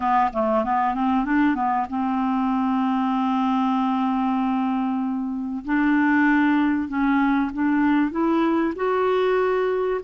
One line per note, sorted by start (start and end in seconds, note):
0.00 0.30 B3
0.33 0.64 A3
0.64 0.94 B3
0.94 1.25 C4
1.25 1.55 D4
1.55 1.86 B3
1.89 5.64 C4
5.64 6.88 D4
6.88 7.50 C#4
7.53 8.11 D4
8.11 8.73 E4
8.75 10.00 F#4